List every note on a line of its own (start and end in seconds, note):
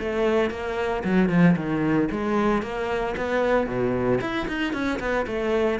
0.00 0.51 A3
0.51 1.03 A#3
1.04 1.29 F#3
1.29 1.56 F3
1.56 2.09 D#3
2.11 2.63 G#3
2.63 3.15 A#3
3.17 3.67 B3
3.67 4.20 B2
4.21 4.47 E4
4.48 4.73 D#4
4.73 5.00 C#4
5.00 5.26 B3
5.27 5.80 A3